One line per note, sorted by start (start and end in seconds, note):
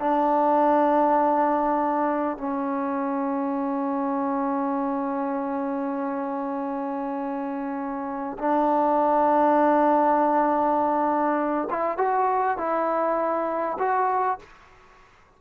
0.00 2.38 D4
2.38 8.38 C#4
8.39 11.69 D4
11.70 11.98 E4
11.98 12.58 F#4
12.58 13.78 E4
13.79 14.39 F#4